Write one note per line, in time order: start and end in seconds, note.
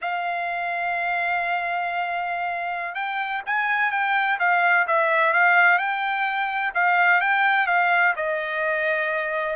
0.01 2.94 F5
2.94 3.42 G5
3.46 3.91 G#5
3.91 4.38 G5
4.39 4.86 F5
4.87 5.33 E5
5.33 5.78 F5
5.78 6.73 G5
6.74 7.20 F5
7.20 7.66 G5
7.66 8.14 F5
8.16 9.56 D#5